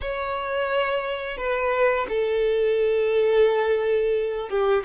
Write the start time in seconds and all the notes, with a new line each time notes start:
0.01 C#5
1.37 B4
2.08 A4
4.49 G4